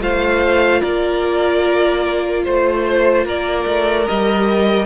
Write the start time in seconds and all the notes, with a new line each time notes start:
0.00 A3 F4 C5 F5
0.81 A#3 A#4 D5
2.44 A3 C5
3.25 A#3 A#4 D5
3.67 A3
4.07 G3 G4 D#5